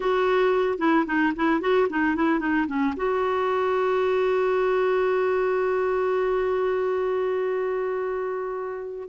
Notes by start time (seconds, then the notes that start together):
0.00 F#4
0.78 E4
1.06 D#4
1.36 E4
1.60 F#4
1.89 D#4
2.15 E4
2.39 D#4
2.67 C#4
2.96 F#4